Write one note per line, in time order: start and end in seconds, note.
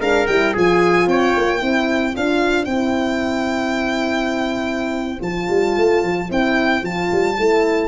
0.00 0.27 G#3
0.00 0.28 D4
0.00 0.53 A#4
0.00 0.27 F5
0.27 0.55 G3
0.27 0.54 E4
0.27 0.54 G5
0.53 1.07 F3
0.53 1.59 F4
0.53 1.07 G#4
0.53 1.08 G#5
1.07 1.34 C4
1.07 1.61 C#5
1.07 2.16 G5
1.37 1.62 A#3
1.59 2.16 C4
1.59 2.13 E4
1.59 7.88 C5
2.13 2.66 D4
2.13 2.67 F4
2.13 2.65 F5
2.65 5.20 C4
2.65 5.22 E4
2.65 5.19 G5
5.21 5.48 F3
5.21 6.29 F4
5.21 6.30 A5
5.50 5.77 G3
5.78 6.03 A3
6.03 6.30 F3
6.29 6.83 C4
6.29 6.82 E4
6.29 6.85 G5
6.82 7.10 F3
6.82 7.36 F4
6.82 7.88 A5
7.12 7.38 G3
7.38 7.88 A3
7.38 7.88 E4